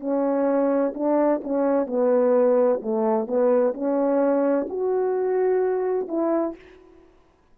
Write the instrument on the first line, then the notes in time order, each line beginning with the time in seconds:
horn
0.00 C#4
0.95 D4
1.44 C#4
1.87 B3
2.83 A3
3.28 B3
3.74 C#4
4.70 F#4
6.09 E4